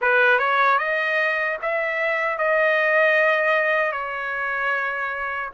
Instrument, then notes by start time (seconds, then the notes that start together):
trumpet
0.01 B4
0.38 C#5
0.78 D#5
1.62 E5
2.38 D#5
3.92 C#5